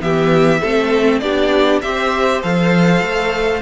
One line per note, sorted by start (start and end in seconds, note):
0.00 0.61 E3
0.00 0.60 B3
0.00 0.60 G4
0.00 1.19 E5
0.60 1.21 A3
0.60 1.22 C4
0.60 1.21 A4
1.19 1.81 B3
1.19 1.82 D4
1.19 1.82 G4
1.19 1.79 D5
1.81 2.42 C4
1.81 2.43 G4
1.81 3.61 C5
1.81 2.42 E5
2.42 3.01 F3
2.42 3.61 A4
2.42 3.61 F5
3.01 3.61 A3